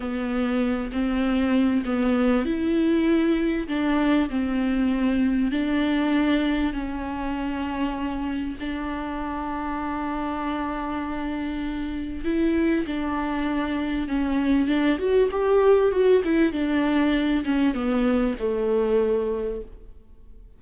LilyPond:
\new Staff \with { instrumentName = "viola" } { \time 4/4 \tempo 4 = 98 b4. c'4. b4 | e'2 d'4 c'4~ | c'4 d'2 cis'4~ | cis'2 d'2~ |
d'1 | e'4 d'2 cis'4 | d'8 fis'8 g'4 fis'8 e'8 d'4~ | d'8 cis'8 b4 a2 | }